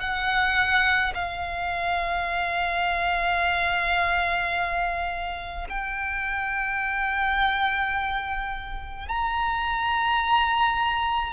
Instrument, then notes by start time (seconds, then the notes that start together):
violin
0.00 F#5
1.15 F5
5.69 G5
9.08 A#5